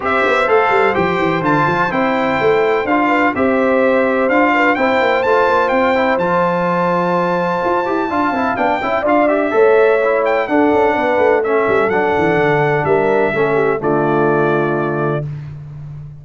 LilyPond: <<
  \new Staff \with { instrumentName = "trumpet" } { \time 4/4 \tempo 4 = 126 e''4 f''4 g''4 a''4 | g''2 f''4 e''4~ | e''4 f''4 g''4 a''4 | g''4 a''2.~ |
a''2 g''4 f''8 e''8~ | e''4. g''8 fis''2 | e''4 fis''2 e''4~ | e''4 d''2. | }
  \new Staff \with { instrumentName = "horn" } { \time 4/4 c''1~ | c''2~ c''8 b'8 c''4~ | c''4. b'8 c''2~ | c''1~ |
c''4 f''4. e''8 d''4 | cis''2 a'4 b'4 | a'2. ais'4 | a'8 g'8 f'2. | }
  \new Staff \with { instrumentName = "trombone" } { \time 4/4 g'4 a'4 g'4 f'4 | e'2 f'4 g'4~ | g'4 f'4 e'4 f'4~ | f'8 e'8 f'2.~ |
f'8 g'8 f'8 e'8 d'8 e'8 f'8 g'8 | a'4 e'4 d'2 | cis'4 d'2. | cis'4 a2. | }
  \new Staff \with { instrumentName = "tuba" } { \time 4/4 c'8 b8 a8 g8 f8 e8 d8 f8 | c'4 a4 d'4 c'4~ | c'4 d'4 c'8 ais8 a8 ais8 | c'4 f2. |
f'8 e'8 d'8 c'8 b8 cis'8 d'4 | a2 d'8 cis'8 b8 a8~ | a8 g8 fis8 e8 d4 g4 | a4 d2. | }
>>